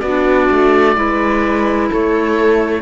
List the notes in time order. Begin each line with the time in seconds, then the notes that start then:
0.00 B3 F#4 D5
0.07 D4
0.50 A3
0.95 G#3 E4 B4
1.90 A3 A4 C#5